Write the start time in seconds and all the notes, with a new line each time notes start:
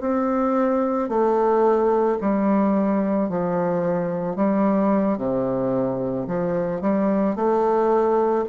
0.00 C4
1.09 A3
2.20 G3
3.29 F3
4.36 G3
5.17 C3
6.27 F3
6.81 G3
7.35 A3